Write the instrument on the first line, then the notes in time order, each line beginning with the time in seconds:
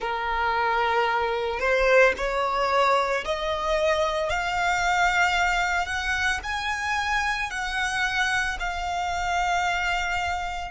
violin
0.00 A#4
1.59 C5
2.17 C#5
3.24 D#5
4.29 F5
5.86 F#5
6.43 G#5
7.50 F#5
8.60 F5